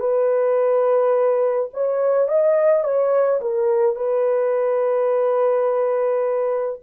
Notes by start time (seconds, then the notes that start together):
0.00 B4
1.73 C#5
2.28 D#5
2.84 C#5
3.41 A#4
3.96 B4